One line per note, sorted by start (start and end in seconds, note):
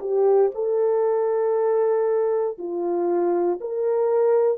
0.00 0.51 G4
0.54 2.57 A4
2.58 3.60 F4
3.61 4.58 A#4